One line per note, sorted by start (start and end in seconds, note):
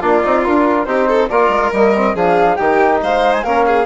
0.00 0.24 A#3
0.00 0.23 D4
0.00 0.86 F4
0.00 0.44 D5
0.23 0.47 C4
0.23 0.44 D#4
0.44 0.87 D4
0.44 0.87 F4
0.44 0.84 A#4
0.84 1.30 C4
0.84 1.30 D#4
0.84 1.08 G4
0.84 1.27 C5
1.08 1.29 A4
1.28 1.48 A#3
1.28 1.74 F4
1.28 2.15 A#4
1.28 1.71 D5
1.48 1.70 G#3
1.72 2.14 G3
1.72 1.95 A#3
1.72 2.16 D#5
1.95 2.16 C4
2.14 2.57 F3
2.14 2.58 D4
2.14 2.57 G#4
2.14 2.56 F5
2.56 3.02 D#3
2.56 3.45 D#4
2.56 3.00 G4
2.56 2.99 G5
3.02 3.44 G#3
3.02 3.44 C5
3.02 3.33 F5
3.33 3.43 G#5
3.43 3.86 A#3
3.43 3.86 C#4
3.43 3.65 A#4
3.43 3.86 F5
3.66 3.86 G#4